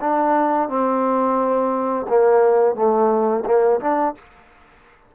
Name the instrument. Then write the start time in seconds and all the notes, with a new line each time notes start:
trombone
0.00 D4
0.68 C4
2.08 A#3
2.75 A3
3.45 A#3
3.80 D4